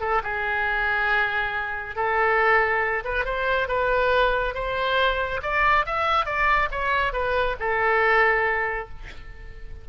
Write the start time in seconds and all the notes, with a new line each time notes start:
0.00 A4
0.23 G#4
1.95 A4
3.04 B4
3.24 C5
3.68 B4
4.54 C5
5.42 D5
5.85 E5
6.25 D5
6.71 C#5
7.12 B4
7.59 A4